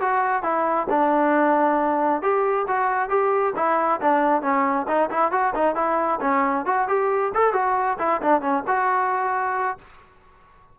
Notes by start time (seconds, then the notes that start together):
0.00 F#4
0.43 E4
0.89 D4
2.22 G4
2.67 F#4
3.09 G4
3.56 E4
4.01 D4
4.42 C#4
4.87 D#4
5.10 E4
5.31 F#4
5.55 D#4
5.75 E4
6.21 C#4
6.66 F#4
6.88 G4
7.34 A4
7.53 F#4
7.99 E4
8.22 D4
8.41 C#4
8.67 F#4